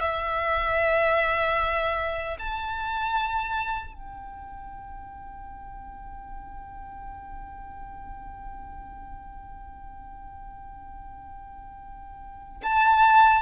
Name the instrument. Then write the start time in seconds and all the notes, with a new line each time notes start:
violin
0.00 E5
2.39 A5
3.93 G5
12.63 A5